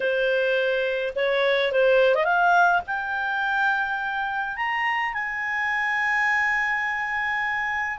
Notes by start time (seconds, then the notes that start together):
0.00 C5
1.15 C#5
1.72 C5
2.14 D#5
2.24 F5
2.86 G5
4.56 A#5
5.13 G#5